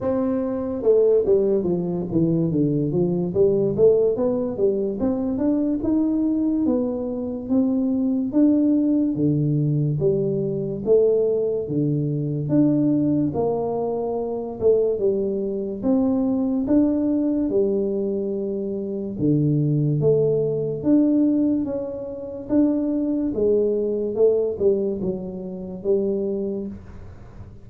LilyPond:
\new Staff \with { instrumentName = "tuba" } { \time 4/4 \tempo 4 = 72 c'4 a8 g8 f8 e8 d8 f8 | g8 a8 b8 g8 c'8 d'8 dis'4 | b4 c'4 d'4 d4 | g4 a4 d4 d'4 |
ais4. a8 g4 c'4 | d'4 g2 d4 | a4 d'4 cis'4 d'4 | gis4 a8 g8 fis4 g4 | }